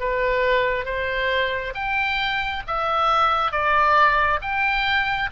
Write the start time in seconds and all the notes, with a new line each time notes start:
0.00 B4
0.85 C5
1.74 G5
2.67 E5
3.51 D5
4.42 G5